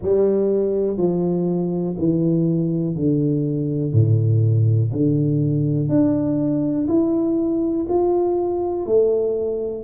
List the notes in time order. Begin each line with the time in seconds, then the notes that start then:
0.02 G3
0.97 F3
1.98 E3
2.95 D3
3.93 A2
4.92 D3
5.88 D4
6.88 E4
7.88 F4
8.86 A3